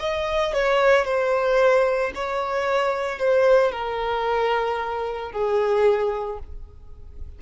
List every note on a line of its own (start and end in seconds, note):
0.00 0.54 D#5
0.54 1.05 C#5
1.05 2.12 C5
2.15 3.19 C#5
3.19 3.72 C5
3.72 5.32 A#4
5.32 6.39 G#4